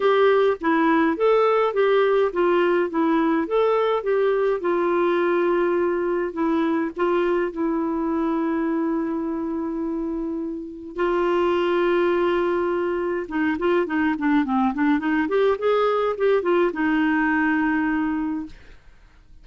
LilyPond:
\new Staff \with { instrumentName = "clarinet" } { \time 4/4 \tempo 4 = 104 g'4 e'4 a'4 g'4 | f'4 e'4 a'4 g'4 | f'2. e'4 | f'4 e'2.~ |
e'2. f'4~ | f'2. dis'8 f'8 | dis'8 d'8 c'8 d'8 dis'8 g'8 gis'4 | g'8 f'8 dis'2. | }